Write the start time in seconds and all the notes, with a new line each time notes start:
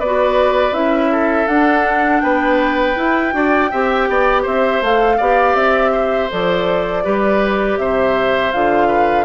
0.00 B3 F#4 B4 D5
0.73 C#4 E4 E5
1.12 A4
1.48 D4 F#5
2.21 B3 B4 G5
2.96 E4
3.32 D4 F#4 D5
3.71 C4 G4 E5
4.09 B3 D5
4.43 C4 C5 E5
4.82 A3 A4 F5
5.18 B3 G4 D5
5.55 C4 E5
5.92 C5
6.30 F3 A4 D5
7.04 G3 G4 B4
7.79 C3 C5 E5
8.52 D3 F4 F5
8.88 B4